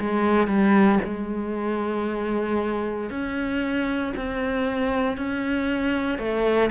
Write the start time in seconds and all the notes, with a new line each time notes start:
0.00 G#3
0.48 G3
1.05 G#3
3.10 C#4
4.17 C4
5.18 C#4
6.19 A3